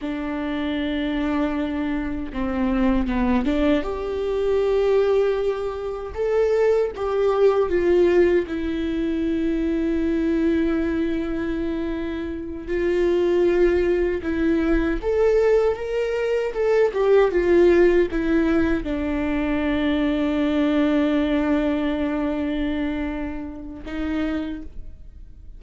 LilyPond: \new Staff \with { instrumentName = "viola" } { \time 4/4 \tempo 4 = 78 d'2. c'4 | b8 d'8 g'2. | a'4 g'4 f'4 e'4~ | e'1~ |
e'8 f'2 e'4 a'8~ | a'8 ais'4 a'8 g'8 f'4 e'8~ | e'8 d'2.~ d'8~ | d'2. dis'4 | }